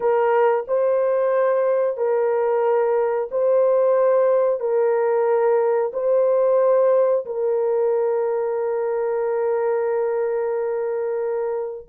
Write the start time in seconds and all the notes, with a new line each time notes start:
0.00 A#4
0.67 C5
1.97 A#4
3.31 C5
4.59 A#4
5.93 C5
7.25 A#4